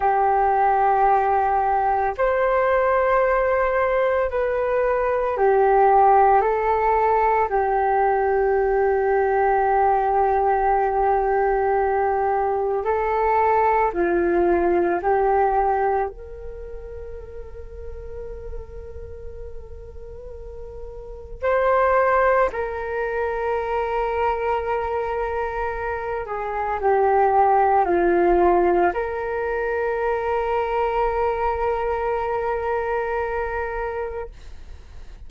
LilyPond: \new Staff \with { instrumentName = "flute" } { \time 4/4 \tempo 4 = 56 g'2 c''2 | b'4 g'4 a'4 g'4~ | g'1 | a'4 f'4 g'4 ais'4~ |
ais'1 | c''4 ais'2.~ | ais'8 gis'8 g'4 f'4 ais'4~ | ais'1 | }